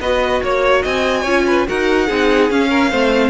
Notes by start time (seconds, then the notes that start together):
0.00 B3 F#4 B4 D#5
0.43 A#3 C#5
0.83 C4 D#5 G#5
1.22 C#4 F4 C#5
1.47 B4
1.67 D#4 F#4 A#4 F#5
2.07 C4 D#4 G#4
2.51 C#4 F5
2.70 A#4
2.90 A3 C4 C5